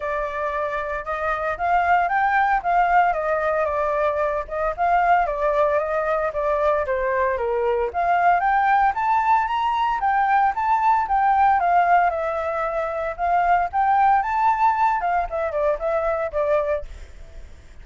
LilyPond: \new Staff \with { instrumentName = "flute" } { \time 4/4 \tempo 4 = 114 d''2 dis''4 f''4 | g''4 f''4 dis''4 d''4~ | d''8 dis''8 f''4 d''4 dis''4 | d''4 c''4 ais'4 f''4 |
g''4 a''4 ais''4 g''4 | a''4 g''4 f''4 e''4~ | e''4 f''4 g''4 a''4~ | a''8 f''8 e''8 d''8 e''4 d''4 | }